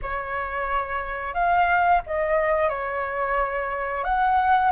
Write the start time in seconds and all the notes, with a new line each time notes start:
0.02 C#5
1.34 F5
2.06 D#5
2.69 C#5
4.04 F#5